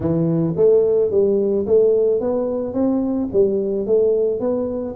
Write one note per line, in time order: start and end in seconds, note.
0.00 0.55 E3
0.56 1.11 A3
1.11 1.66 G3
1.66 2.20 A3
2.20 2.73 B3
2.73 3.28 C4
3.32 3.86 G3
3.86 4.40 A3
4.40 4.95 B3